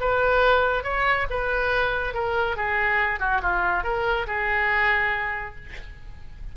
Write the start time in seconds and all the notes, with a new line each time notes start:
0.00 B4
0.84 C#5
1.30 B4
2.14 A#4
2.57 G#4
3.20 F#4
3.42 F4
3.84 A#4
4.27 G#4